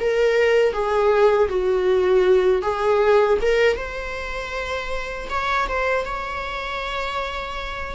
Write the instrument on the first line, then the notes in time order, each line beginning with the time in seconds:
viola
0.00 A#4
0.72 G#4
1.49 F#4
2.62 G#4
3.42 A#4
3.76 C5
5.30 C#5
5.68 C5
6.05 C#5